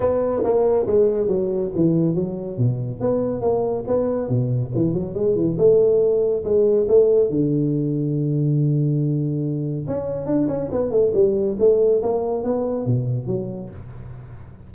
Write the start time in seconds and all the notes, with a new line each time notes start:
0.00 B3
0.43 A#3
0.86 G#3
1.27 F#3
1.75 E3
2.14 F#3
2.57 B2
3.00 B3
3.41 A#3
3.87 B3
4.29 B2
4.75 E3
4.93 F#3
5.14 G#3
5.35 E3
5.58 A3
6.44 G#3
6.88 A3
7.29 D3
9.87 C#4
10.25 D4
10.48 C#4
10.71 B3
10.91 A3
11.14 G3
11.59 A3
12.02 A#3
12.43 B3
12.86 B2
13.26 F#3